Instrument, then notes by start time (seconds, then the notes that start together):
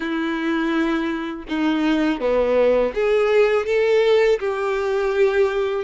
violin
0.00 E4
1.48 D#4
2.20 B3
2.94 G#4
3.66 A4
4.39 G4